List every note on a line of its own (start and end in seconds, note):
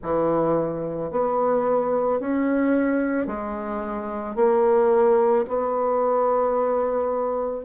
0.02 1.11 E3
1.11 2.20 B3
2.20 3.26 C#4
3.26 4.35 G#3
4.35 5.44 A#3
5.47 7.64 B3